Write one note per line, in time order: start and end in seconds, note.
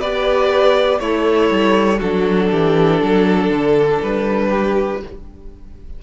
0.00 1.00 B3
0.00 1.01 G4
0.00 1.00 B4
0.00 0.99 D5
0.99 1.50 A3
0.99 1.98 E4
0.99 2.02 A4
0.99 1.99 C#5
1.51 2.01 G3
1.98 2.51 F#3
1.98 5.02 D4
1.98 2.48 F#4
1.98 4.01 A4
2.51 3.02 E3
2.51 3.01 G4
3.02 3.49 F#3
3.02 4.49 A4
3.49 3.99 D3
4.02 5.03 G3
4.02 5.02 B4
4.49 4.99 G4